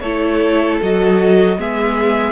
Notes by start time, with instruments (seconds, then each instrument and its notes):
0.00 cello A3, viola E4, violin A4 C#5
0.81 cello F#3, viola F#4, violin D#5
1.57 cello G#3, viola B3, violin G#4 E5